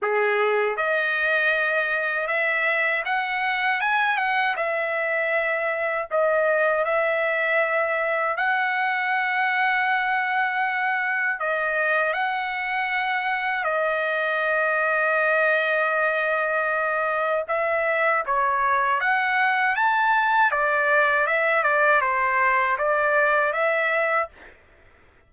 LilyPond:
\new Staff \with { instrumentName = "trumpet" } { \time 4/4 \tempo 4 = 79 gis'4 dis''2 e''4 | fis''4 gis''8 fis''8 e''2 | dis''4 e''2 fis''4~ | fis''2. dis''4 |
fis''2 dis''2~ | dis''2. e''4 | cis''4 fis''4 a''4 d''4 | e''8 d''8 c''4 d''4 e''4 | }